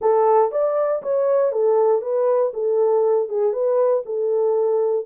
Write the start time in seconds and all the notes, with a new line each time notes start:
0.01 A4
0.51 D5
1.02 C#5
1.52 A4
2.01 B4
2.53 A4
3.29 G#4
3.52 B4
4.05 A4